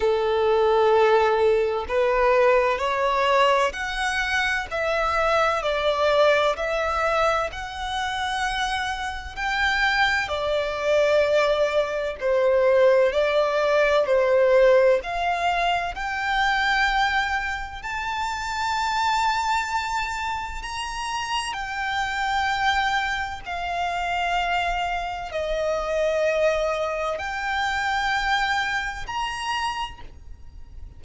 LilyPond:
\new Staff \with { instrumentName = "violin" } { \time 4/4 \tempo 4 = 64 a'2 b'4 cis''4 | fis''4 e''4 d''4 e''4 | fis''2 g''4 d''4~ | d''4 c''4 d''4 c''4 |
f''4 g''2 a''4~ | a''2 ais''4 g''4~ | g''4 f''2 dis''4~ | dis''4 g''2 ais''4 | }